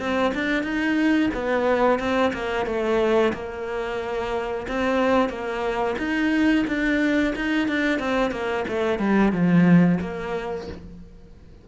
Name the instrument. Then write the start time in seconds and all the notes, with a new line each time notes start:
cello
0.00 C4
0.35 D4
0.64 D#4
1.34 B3
1.99 C4
2.34 A#3
2.66 A3
3.34 A#3
4.68 C4
5.29 A#3
5.99 D#4
6.68 D4
7.36 D#4
7.68 D4
8.00 C4
8.32 A#3
8.68 A3
8.99 G3
9.33 F3
10.01 A#3